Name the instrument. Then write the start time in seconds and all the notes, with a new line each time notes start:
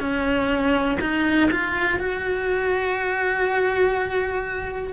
cello
0.00 C#4
1.01 D#4
1.52 F4
1.99 F#4